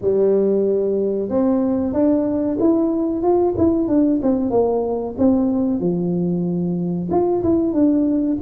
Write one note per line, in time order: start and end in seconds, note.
0.01 1.29 G3
1.29 1.93 C4
1.93 2.57 D4
2.59 3.22 E4
3.22 3.55 F4
3.57 3.88 E4
3.88 4.20 D4
4.22 4.50 C4
4.50 5.15 A#3
5.18 5.79 C4
5.79 7.09 F3
7.10 7.43 F4
7.43 7.73 E4
7.73 8.37 D4